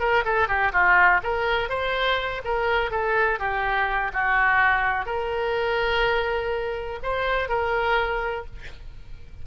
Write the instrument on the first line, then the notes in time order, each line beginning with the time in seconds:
oboe
0.00 A#4
0.25 A4
0.48 G4
0.73 F4
1.23 A#4
1.69 C5
2.45 A#4
2.91 A4
3.39 G4
4.13 F#4
5.06 A#4
7.03 C5
7.49 A#4